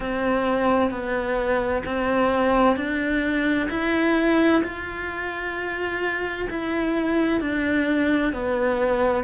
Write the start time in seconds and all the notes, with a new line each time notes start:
0.00 C4
0.90 B3
1.85 C4
2.76 D4
3.70 E4
4.63 F4
6.50 E4
7.41 D4
8.32 B3